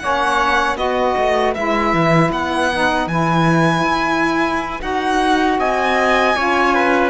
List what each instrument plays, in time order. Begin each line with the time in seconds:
0.00 cello A#3, saxophone C#4, trumpet C#5, violin F#5
0.77 cello B3, saxophone F#4, trumpet B4, violin D#5
1.18 cello A3
1.55 cello G#3, saxophone E4, violin E5
1.94 cello E3
2.31 cello B3, violin F#5
2.73 saxophone D#4
3.07 cello E3, saxophone E4, violin G#5
3.84 cello E4
4.81 cello D#4, saxophone F#4, violin F#5
5.59 cello C4, trumpet D#5, violin G#5
6.37 cello C#4, saxophone F4, trumpet C#5
6.75 trumpet B4